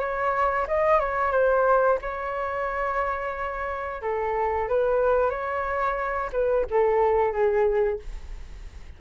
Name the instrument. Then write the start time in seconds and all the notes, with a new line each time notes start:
flute
0.00 C#5
0.68 D#5
1.00 C#5
1.32 C5
2.02 C#5
4.02 A4
4.69 B4
5.30 C#5
6.32 B4
6.71 A4
7.33 G#4